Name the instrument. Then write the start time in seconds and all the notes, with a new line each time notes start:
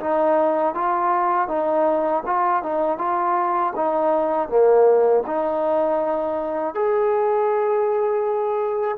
trombone
0.00 D#4
0.74 F4
1.48 D#4
2.26 F4
2.62 D#4
2.98 F4
3.76 D#4
4.49 A#3
5.26 D#4
6.74 G#4